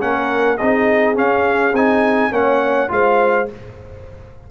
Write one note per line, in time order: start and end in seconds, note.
0.00 0.60 A#3
0.00 0.58 C#4
0.00 0.59 A#4
0.00 0.57 F#5
0.57 1.18 C4
0.57 1.15 D#4
0.57 2.32 G#4
0.57 1.15 D#5
1.15 1.72 C#4
1.15 1.73 C#4
1.15 1.75 F5
1.73 2.31 C4
1.73 2.31 D#4
1.73 2.33 G#5
2.31 2.89 A#3
2.31 2.88 C#4
2.31 2.90 C#5
2.31 2.91 F#5
2.88 3.49 G#3
2.88 3.46 F4
2.88 3.50 C5
2.88 3.50 F5